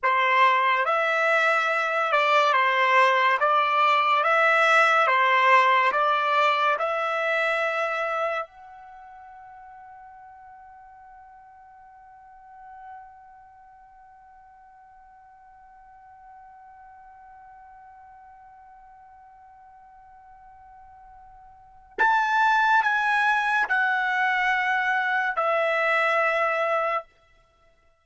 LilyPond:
\new Staff \with { instrumentName = "trumpet" } { \time 4/4 \tempo 4 = 71 c''4 e''4. d''8 c''4 | d''4 e''4 c''4 d''4 | e''2 fis''2~ | fis''1~ |
fis''1~ | fis''1~ | fis''2 a''4 gis''4 | fis''2 e''2 | }